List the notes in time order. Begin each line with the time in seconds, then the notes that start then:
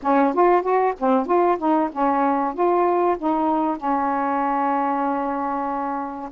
0.02 C#4
0.33 F4
0.61 F#4
0.99 C4
1.25 F4
1.58 D#4
1.91 C#4
2.53 F4
3.18 D#4
3.77 C#4